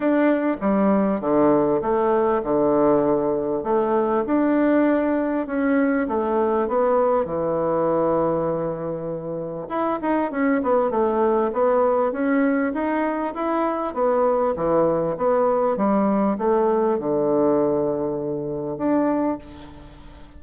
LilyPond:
\new Staff \with { instrumentName = "bassoon" } { \time 4/4 \tempo 4 = 99 d'4 g4 d4 a4 | d2 a4 d'4~ | d'4 cis'4 a4 b4 | e1 |
e'8 dis'8 cis'8 b8 a4 b4 | cis'4 dis'4 e'4 b4 | e4 b4 g4 a4 | d2. d'4 | }